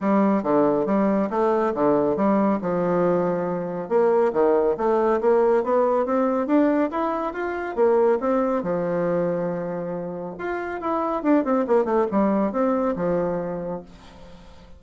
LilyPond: \new Staff \with { instrumentName = "bassoon" } { \time 4/4 \tempo 4 = 139 g4 d4 g4 a4 | d4 g4 f2~ | f4 ais4 dis4 a4 | ais4 b4 c'4 d'4 |
e'4 f'4 ais4 c'4 | f1 | f'4 e'4 d'8 c'8 ais8 a8 | g4 c'4 f2 | }